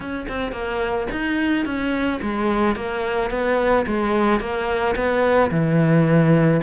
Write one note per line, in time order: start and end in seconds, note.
0.00 0.26 C#4
0.28 0.52 C4
0.52 1.07 A#3
1.11 1.65 D#4
1.65 2.20 C#4
2.22 2.75 G#3
2.75 3.30 A#3
3.30 3.85 B3
3.86 4.40 G#3
4.40 4.95 A#3
4.95 5.50 B3
5.50 6.61 E3